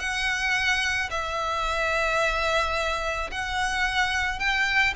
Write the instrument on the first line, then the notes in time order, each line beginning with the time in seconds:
violin
0.00 F#5
1.11 E5
3.32 F#5
4.40 G5